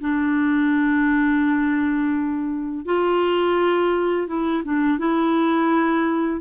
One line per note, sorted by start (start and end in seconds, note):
0.00 2.85 D4
2.85 4.27 F4
4.27 4.63 E4
4.64 4.98 D4
4.98 6.40 E4